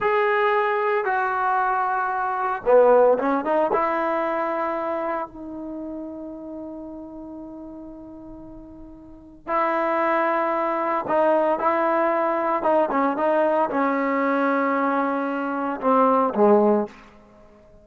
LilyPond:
\new Staff \with { instrumentName = "trombone" } { \time 4/4 \tempo 4 = 114 gis'2 fis'2~ | fis'4 b4 cis'8 dis'8 e'4~ | e'2 dis'2~ | dis'1~ |
dis'2 e'2~ | e'4 dis'4 e'2 | dis'8 cis'8 dis'4 cis'2~ | cis'2 c'4 gis4 | }